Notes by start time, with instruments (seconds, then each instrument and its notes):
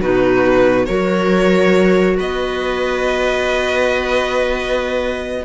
0.00 cello B2, clarinet D#4, viola F#4, violin B4
0.86 cello F#3, clarinet F#4, viola A#4, violin C#5
2.18 cello B3, viola B4, violin D#5